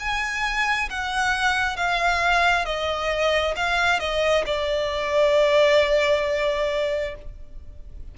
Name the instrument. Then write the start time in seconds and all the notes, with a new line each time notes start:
violin
0.00 G#5
0.90 F#5
1.77 F5
2.65 D#5
3.56 F5
4.00 D#5
4.47 D5